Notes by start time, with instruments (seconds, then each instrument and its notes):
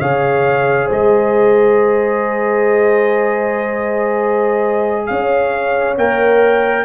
0.00 tuba C#3, trombone G#4, horn C#5, trumpet F5
0.86 tuba G#3, horn C5
0.92 trumpet D#5
5.07 tuba C#4, horn C#5, trumpet F5
5.98 tuba A#3, trombone A#4, trumpet G5